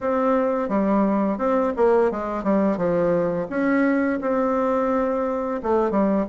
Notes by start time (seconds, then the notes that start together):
0.00 C4
0.68 G3
1.38 C4
1.76 A#3
2.11 G#3
2.43 G3
2.77 F3
3.49 C#4
4.21 C4
5.62 A3
5.90 G3